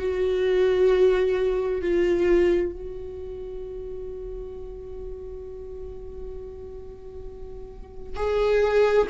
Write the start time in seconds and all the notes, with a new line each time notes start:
0.00 F#4
1.82 F4
2.73 F#4
8.17 G#4